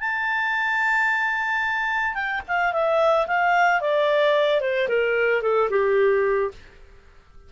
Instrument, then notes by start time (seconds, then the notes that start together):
clarinet
0.00 A5
2.14 G5
2.47 F5
2.73 E5
3.27 F5
3.81 D5
4.61 C5
4.88 A#4
5.42 A4
5.70 G4